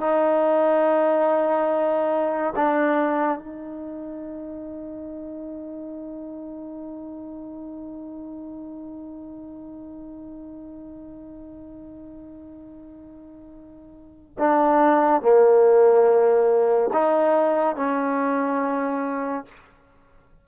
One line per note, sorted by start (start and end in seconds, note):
0.00 2.54 D#4
2.56 3.38 D4
3.38 14.37 D#4
14.39 15.22 D4
15.22 16.91 A#3
16.93 17.76 D#4
17.76 19.45 C#4